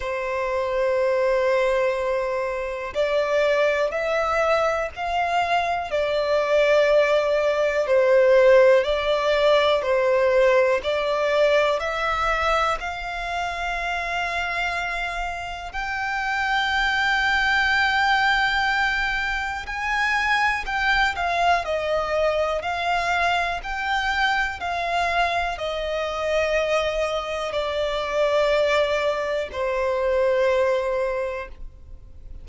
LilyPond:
\new Staff \with { instrumentName = "violin" } { \time 4/4 \tempo 4 = 61 c''2. d''4 | e''4 f''4 d''2 | c''4 d''4 c''4 d''4 | e''4 f''2. |
g''1 | gis''4 g''8 f''8 dis''4 f''4 | g''4 f''4 dis''2 | d''2 c''2 | }